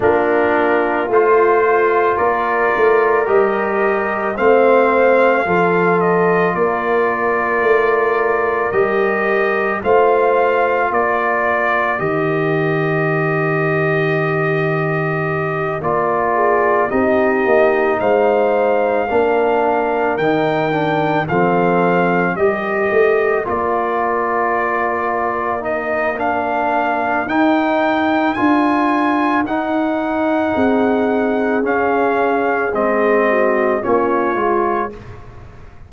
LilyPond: <<
  \new Staff \with { instrumentName = "trumpet" } { \time 4/4 \tempo 4 = 55 ais'4 c''4 d''4 dis''4 | f''4. dis''8 d''2 | dis''4 f''4 d''4 dis''4~ | dis''2~ dis''8 d''4 dis''8~ |
dis''8 f''2 g''4 f''8~ | f''8 dis''4 d''2 dis''8 | f''4 g''4 gis''4 fis''4~ | fis''4 f''4 dis''4 cis''4 | }
  \new Staff \with { instrumentName = "horn" } { \time 4/4 f'2 ais'2 | c''4 a'4 ais'2~ | ais'4 c''4 ais'2~ | ais'2. gis'8 g'8~ |
g'8 c''4 ais'2 a'8~ | a'8 ais'2.~ ais'8~ | ais'1 | gis'2~ gis'8 fis'8 f'4 | }
  \new Staff \with { instrumentName = "trombone" } { \time 4/4 d'4 f'2 g'4 | c'4 f'2. | g'4 f'2 g'4~ | g'2~ g'8 f'4 dis'8~ |
dis'4. d'4 dis'8 d'8 c'8~ | c'8 g'4 f'2 dis'8 | d'4 dis'4 f'4 dis'4~ | dis'4 cis'4 c'4 cis'8 f'8 | }
  \new Staff \with { instrumentName = "tuba" } { \time 4/4 ais4 a4 ais8 a8 g4 | a4 f4 ais4 a4 | g4 a4 ais4 dis4~ | dis2~ dis8 ais4 c'8 |
ais8 gis4 ais4 dis4 f8~ | f8 g8 a8 ais2~ ais8~ | ais4 dis'4 d'4 dis'4 | c'4 cis'4 gis4 ais8 gis8 | }
>>